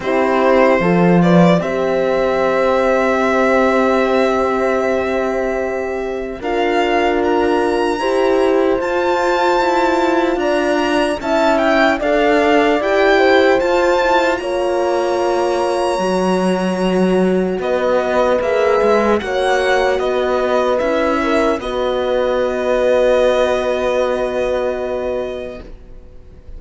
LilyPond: <<
  \new Staff \with { instrumentName = "violin" } { \time 4/4 \tempo 4 = 75 c''4. d''8 e''2~ | e''1 | f''4 ais''2 a''4~ | a''4 ais''4 a''8 g''8 f''4 |
g''4 a''4 ais''2~ | ais''2 dis''4 e''4 | fis''4 dis''4 e''4 dis''4~ | dis''1 | }
  \new Staff \with { instrumentName = "horn" } { \time 4/4 g'4 a'8 b'8 c''2~ | c''1 | ais'2 c''2~ | c''4 d''4 e''4 d''4~ |
d''8 c''4. cis''2~ | cis''2 b'2 | cis''4 b'4. ais'8 b'4~ | b'1 | }
  \new Staff \with { instrumentName = "horn" } { \time 4/4 e'4 f'4 g'2~ | g'1 | f'2 g'4 f'4~ | f'2 e'4 a'4 |
g'4 f'8 e'8 f'2 | fis'2. gis'4 | fis'2 e'4 fis'4~ | fis'1 | }
  \new Staff \with { instrumentName = "cello" } { \time 4/4 c'4 f4 c'2~ | c'1 | d'2 e'4 f'4 | e'4 d'4 cis'4 d'4 |
e'4 f'4 ais2 | fis2 b4 ais8 gis8 | ais4 b4 cis'4 b4~ | b1 | }
>>